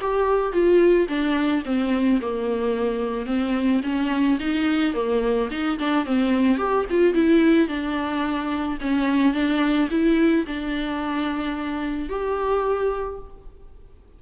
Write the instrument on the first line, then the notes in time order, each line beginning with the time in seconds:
viola
0.00 G4
0.52 F4
1.08 D4
1.65 C4
2.21 A#3
3.26 C4
3.83 C#4
4.39 D#4
4.94 A#3
5.51 D#4
5.78 D4
6.06 C4
6.58 G4
6.90 F4
7.14 E4
7.68 D4
8.80 C#4
9.34 D4
9.90 E4
10.46 D4
12.09 G4